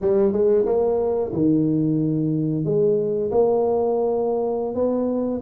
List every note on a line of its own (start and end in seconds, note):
0.01 0.32 G3
0.32 0.65 G#3
0.65 1.31 A#3
1.32 2.64 D#3
2.64 3.30 G#3
3.31 4.75 A#3
4.75 5.41 B3